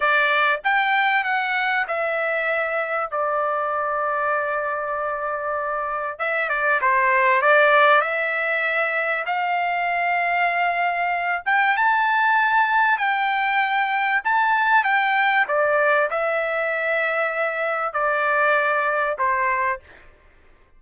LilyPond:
\new Staff \with { instrumentName = "trumpet" } { \time 4/4 \tempo 4 = 97 d''4 g''4 fis''4 e''4~ | e''4 d''2.~ | d''2 e''8 d''8 c''4 | d''4 e''2 f''4~ |
f''2~ f''8 g''8 a''4~ | a''4 g''2 a''4 | g''4 d''4 e''2~ | e''4 d''2 c''4 | }